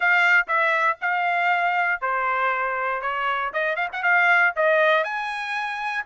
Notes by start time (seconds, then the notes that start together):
0.00 F5
0.47 E5
1.01 F5
2.01 C5
3.01 C#5
3.53 D#5
3.76 F5
3.92 F#5
4.02 F5
4.56 D#5
5.04 G#5